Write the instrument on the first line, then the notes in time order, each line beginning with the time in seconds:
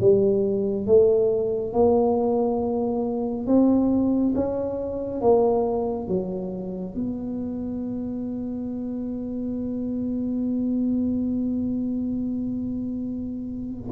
tuba
0.00 G3
0.87 A3
1.73 A#3
3.46 C4
4.35 C#4
5.21 A#3
6.08 F#3
6.94 B3